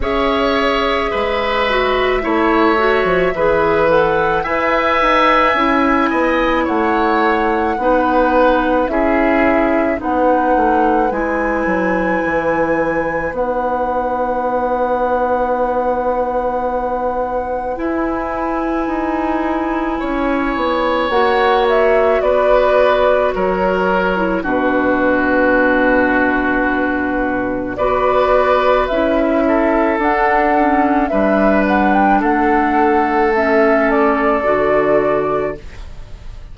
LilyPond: <<
  \new Staff \with { instrumentName = "flute" } { \time 4/4 \tempo 4 = 54 e''2.~ e''8 fis''8 | gis''2 fis''2 | e''4 fis''4 gis''2 | fis''1 |
gis''2. fis''8 e''8 | d''4 cis''4 b'2~ | b'4 d''4 e''4 fis''4 | e''8 fis''16 g''16 fis''4 e''8 d''4. | }
  \new Staff \with { instrumentName = "oboe" } { \time 4/4 cis''4 b'4 cis''4 b'4 | e''4. dis''8 cis''4 b'4 | gis'4 b'2.~ | b'1~ |
b'2 cis''2 | b'4 ais'4 fis'2~ | fis'4 b'4. a'4. | b'4 a'2. | }
  \new Staff \with { instrumentName = "clarinet" } { \time 4/4 gis'4. fis'8 e'8 fis'8 gis'8 a'8 | b'4 e'2 dis'4 | e'4 dis'4 e'2 | dis'1 |
e'2. fis'4~ | fis'4.~ fis'16 e'16 d'2~ | d'4 fis'4 e'4 d'8 cis'8 | d'2 cis'4 fis'4 | }
  \new Staff \with { instrumentName = "bassoon" } { \time 4/4 cis'4 gis4 a8. f16 e4 | e'8 dis'8 cis'8 b8 a4 b4 | cis'4 b8 a8 gis8 fis8 e4 | b1 |
e'4 dis'4 cis'8 b8 ais4 | b4 fis4 b,2~ | b,4 b4 cis'4 d'4 | g4 a2 d4 | }
>>